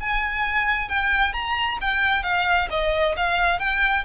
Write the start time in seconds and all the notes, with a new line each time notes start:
0.00 G#5
0.88 G5
1.33 A#5
1.81 G5
2.23 F5
2.70 D#5
3.16 F5
3.59 G5